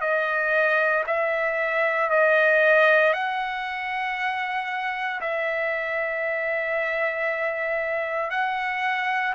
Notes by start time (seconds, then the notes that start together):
0.00 D#5
1.06 E5
2.10 D#5
3.13 F#5
5.21 E5
8.30 F#5